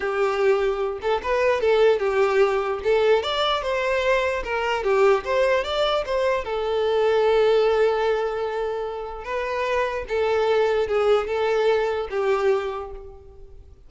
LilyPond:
\new Staff \with { instrumentName = "violin" } { \time 4/4 \tempo 4 = 149 g'2~ g'8 a'8 b'4 | a'4 g'2 a'4 | d''4 c''2 ais'4 | g'4 c''4 d''4 c''4 |
a'1~ | a'2. b'4~ | b'4 a'2 gis'4 | a'2 g'2 | }